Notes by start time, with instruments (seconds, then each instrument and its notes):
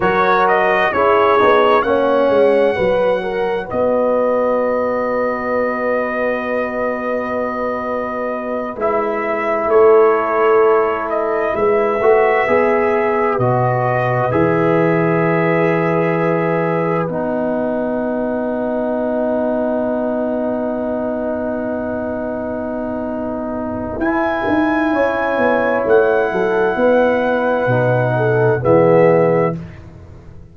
0.00 tuba F#3, trombone F#4, horn A#4, trumpet C#5
0.47 trumpet D#5
0.92 tuba C#4, trombone E4, horn G#4, trumpet C#5
1.39 tuba B3, trombone D#4
1.82 tuba A#3, trombone C#4, horn C#5, trumpet F#5
2.29 tuba G#3
2.75 tuba F#3, trombone F#4, horn B4
3.22 horn A#4
3.65 horn B4, trumpet D#5
3.72 tuba B3
8.76 tuba G#3, trombone E4, trumpet E5
9.66 tuba A3, horn A4, trumpet C#5
11.09 trumpet D#5
11.55 tuba G#3, horn B4, trumpet E5
12.00 tuba A3, trombone F#4
12.47 tuba B3, trombone G#4
13.38 tuba B2, trombone F#4, trumpet D#5
14.31 tuba E3, trombone G#4, trumpet E5
17.06 tuba B3, trombone D#4, trumpet F#5
23.98 tuba E4, trombone E4, trumpet G#5
24.47 tuba D#4
24.92 tuba C#4, horn C#5
25.37 tuba B3
25.86 tuba A3, trumpet F#5
26.32 tuba F#3, horn A4
26.75 tuba B3, horn B4
27.67 tuba B2, trombone D#4
28.17 horn A4
28.60 tuba E3, trombone B3, horn G#4, trumpet E5